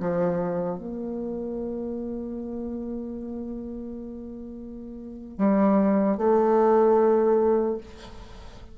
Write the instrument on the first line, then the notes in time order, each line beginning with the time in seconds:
bassoon
0.00 F3
0.79 A#3
5.38 G3
6.17 A3